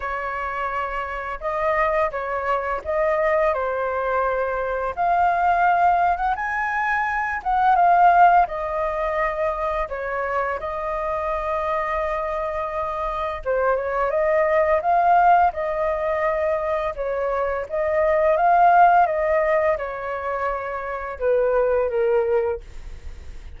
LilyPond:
\new Staff \with { instrumentName = "flute" } { \time 4/4 \tempo 4 = 85 cis''2 dis''4 cis''4 | dis''4 c''2 f''4~ | f''8. fis''16 gis''4. fis''8 f''4 | dis''2 cis''4 dis''4~ |
dis''2. c''8 cis''8 | dis''4 f''4 dis''2 | cis''4 dis''4 f''4 dis''4 | cis''2 b'4 ais'4 | }